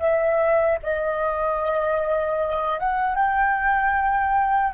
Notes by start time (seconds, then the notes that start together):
0.00 E5
0.83 D#5
2.80 F#5
3.15 G5